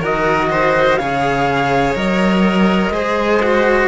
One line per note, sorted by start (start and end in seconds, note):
0.00 0.98 D#3
0.00 0.99 F#4
0.00 0.48 A#4
0.00 0.97 D#5
0.51 0.99 C5
0.97 1.96 C#3
0.97 1.95 G#4
0.97 2.93 C#5
0.97 1.93 F5
1.95 2.90 F#3
1.95 2.92 A#4
1.95 3.89 D#5
2.90 3.87 G#3
2.90 3.42 G#4
2.90 3.89 C5
3.43 3.89 F#4